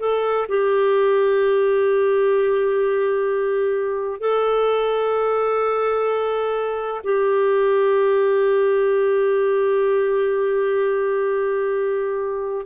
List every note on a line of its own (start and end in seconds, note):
0.00 0.47 A4
0.49 4.20 G4
4.20 7.01 A4
7.04 12.66 G4